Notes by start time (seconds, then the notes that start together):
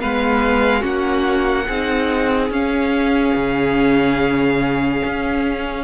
0.00 G#3 B3 B4 F5
0.80 A#3 C#4 F#4 F#5
1.66 C4 D#4 G#4
2.50 C#4 F5
3.35 C#3
5.05 C#4